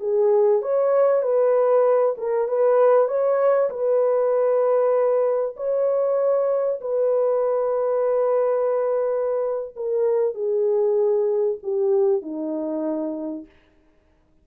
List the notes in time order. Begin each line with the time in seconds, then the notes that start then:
0.00 G#4
0.62 C#5
1.22 B4
2.17 A#4
2.48 B4
3.08 C#5
3.70 B4
5.56 C#5
6.81 B4
9.76 A#4
10.34 G#4
11.63 G4
12.22 D#4